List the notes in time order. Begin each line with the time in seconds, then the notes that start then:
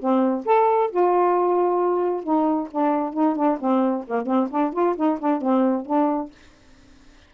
0.00 C4
0.45 A4
0.90 F4
2.23 D#4
2.71 D4
3.14 D#4
3.36 D4
3.60 C4
4.07 A#3
4.26 C4
4.51 D4
4.73 F4
4.96 D#4
5.19 D4
5.41 C4
5.86 D4